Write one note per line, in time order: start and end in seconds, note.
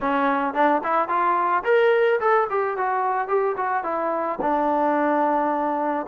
0.01 0.54 C#4
0.54 0.81 D4
0.83 1.08 E4
1.08 1.63 F4
1.64 2.19 A#4
2.20 2.47 A4
2.49 2.77 G4
2.77 3.28 F#4
3.28 3.55 G4
3.57 3.83 F#4
3.83 4.38 E4
4.41 6.06 D4